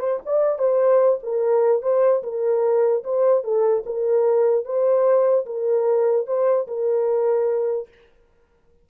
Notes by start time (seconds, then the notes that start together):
0.00 C5
0.26 D5
0.59 C5
1.23 A#4
1.83 C5
2.23 A#4
3.04 C5
3.44 A4
3.86 A#4
4.65 C5
5.46 A#4
6.27 C5
6.68 A#4